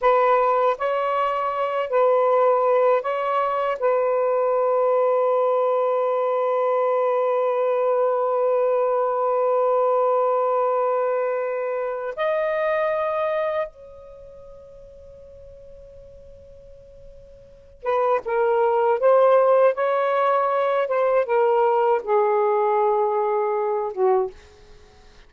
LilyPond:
\new Staff \with { instrumentName = "saxophone" } { \time 4/4 \tempo 4 = 79 b'4 cis''4. b'4. | cis''4 b'2.~ | b'1~ | b'1 |
dis''2 cis''2~ | cis''2.~ cis''8 b'8 | ais'4 c''4 cis''4. c''8 | ais'4 gis'2~ gis'8 fis'8 | }